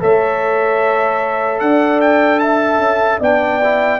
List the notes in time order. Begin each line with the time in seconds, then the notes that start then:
0.00 A3 A4 C#5 E5
1.59 D4 D5 F#5
2.00 G5
2.39 E5 A5
2.78 C#4
3.19 B3 D4 D5 G5
3.63 E4